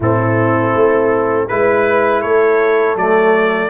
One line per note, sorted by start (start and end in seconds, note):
0.00 0.71 A2
0.00 1.49 C4
0.00 1.48 E4
0.00 1.48 A4
0.75 1.49 A3
1.48 2.23 G#3
1.48 2.97 E4
1.48 2.21 B4
2.21 2.95 A3
2.21 3.69 A4
2.21 2.95 C#5
2.95 3.69 F#3
2.95 3.69 A3
2.95 3.69 D5